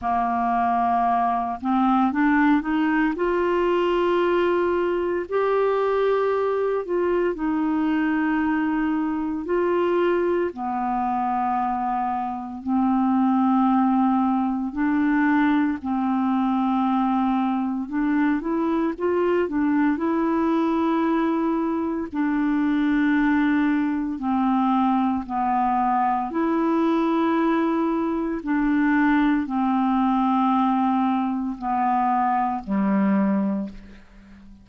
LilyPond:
\new Staff \with { instrumentName = "clarinet" } { \time 4/4 \tempo 4 = 57 ais4. c'8 d'8 dis'8 f'4~ | f'4 g'4. f'8 dis'4~ | dis'4 f'4 b2 | c'2 d'4 c'4~ |
c'4 d'8 e'8 f'8 d'8 e'4~ | e'4 d'2 c'4 | b4 e'2 d'4 | c'2 b4 g4 | }